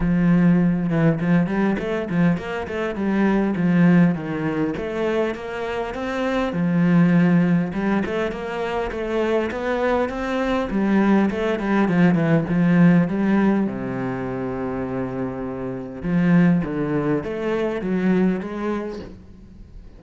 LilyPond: \new Staff \with { instrumentName = "cello" } { \time 4/4 \tempo 4 = 101 f4. e8 f8 g8 a8 f8 | ais8 a8 g4 f4 dis4 | a4 ais4 c'4 f4~ | f4 g8 a8 ais4 a4 |
b4 c'4 g4 a8 g8 | f8 e8 f4 g4 c4~ | c2. f4 | d4 a4 fis4 gis4 | }